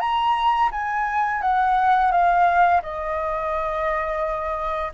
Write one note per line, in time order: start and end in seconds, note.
0.00 0.70 A#5
0.72 1.42 G#5
1.42 2.12 F#5
2.12 2.81 F5
2.83 4.92 D#5